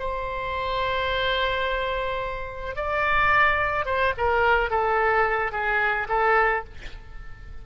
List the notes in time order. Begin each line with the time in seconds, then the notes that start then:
0.00 C5
2.76 D5
3.86 C5
4.18 A#4
4.70 A4
5.53 G#4
6.09 A4